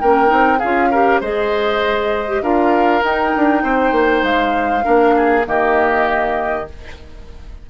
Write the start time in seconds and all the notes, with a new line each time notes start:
0.00 A#3 C#4 A#4 G5
0.26 C4 D#4
0.59 C#4 F4 G#4 F5
0.91 G4 A#4
1.20 G#3 G#4 C5 D#5
2.28 G4
2.41 D4 F4 A#4 F5
3.02 D#4 G5
3.36 D4
3.63 C4 C5
3.91 A#3
4.23 G#3 F5
4.83 A#3 D4 A#4
5.16 G#4
5.44 D#3 A#3 G4 D#5